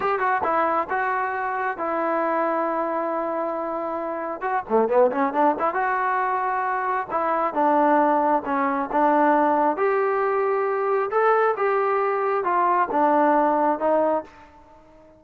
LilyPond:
\new Staff \with { instrumentName = "trombone" } { \time 4/4 \tempo 4 = 135 g'8 fis'8 e'4 fis'2 | e'1~ | e'2 fis'8 a8 b8 cis'8 | d'8 e'8 fis'2. |
e'4 d'2 cis'4 | d'2 g'2~ | g'4 a'4 g'2 | f'4 d'2 dis'4 | }